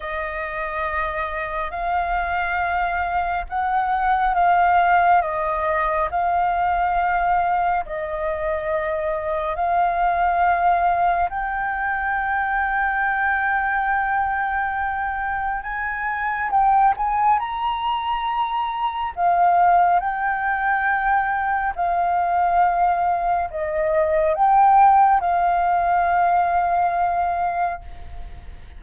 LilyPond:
\new Staff \with { instrumentName = "flute" } { \time 4/4 \tempo 4 = 69 dis''2 f''2 | fis''4 f''4 dis''4 f''4~ | f''4 dis''2 f''4~ | f''4 g''2.~ |
g''2 gis''4 g''8 gis''8 | ais''2 f''4 g''4~ | g''4 f''2 dis''4 | g''4 f''2. | }